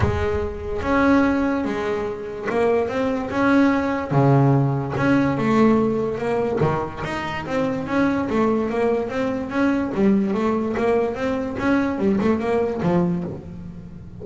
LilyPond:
\new Staff \with { instrumentName = "double bass" } { \time 4/4 \tempo 4 = 145 gis2 cis'2 | gis2 ais4 c'4 | cis'2 cis2 | cis'4 a2 ais4 |
dis4 dis'4 c'4 cis'4 | a4 ais4 c'4 cis'4 | g4 a4 ais4 c'4 | cis'4 g8 a8 ais4 f4 | }